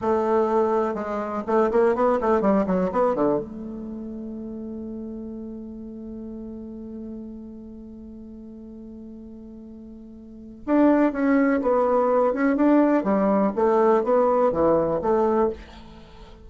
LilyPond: \new Staff \with { instrumentName = "bassoon" } { \time 4/4 \tempo 4 = 124 a2 gis4 a8 ais8 | b8 a8 g8 fis8 b8 d8 a4~ | a1~ | a1~ |
a1~ | a2 d'4 cis'4 | b4. cis'8 d'4 g4 | a4 b4 e4 a4 | }